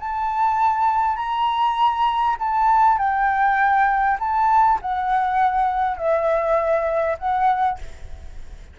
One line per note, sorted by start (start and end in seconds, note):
0.00 1.17 A5
1.17 2.37 A#5
2.39 2.98 A5
2.98 4.18 G5
4.20 4.80 A5
4.82 5.97 F#5
5.97 7.17 E5
7.19 7.79 F#5